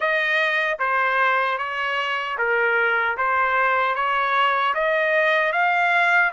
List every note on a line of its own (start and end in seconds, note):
0.00 0.78 D#5
0.79 1.58 C5
1.58 2.37 C#5
2.38 3.17 A#4
3.17 3.95 C5
3.95 4.74 C#5
4.74 5.52 D#5
5.52 6.31 F5